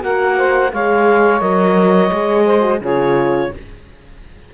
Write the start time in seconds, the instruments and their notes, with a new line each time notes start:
0.00 cello A#3, horn F#4, saxophone A#4, clarinet F#5
0.37 saxophone C5
0.73 cello G#3, horn G#4, saxophone C#5, clarinet F5
1.41 cello F#3, horn A#4, clarinet D#5
2.12 cello G#3, horn G#4
2.45 saxophone C5
2.61 horn F#4
2.80 cello C#3, horn F4, saxophone G#4, clarinet C#5